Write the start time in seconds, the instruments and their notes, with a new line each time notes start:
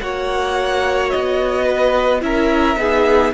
0.00 cello A#3, viola F#4, violin C#5 F#5
1.09 cello B3, violin D#5
1.64 violin B4
2.20 cello C#4, viola E4, violin A#4 E5
2.76 cello B3, viola D#4, violin G#4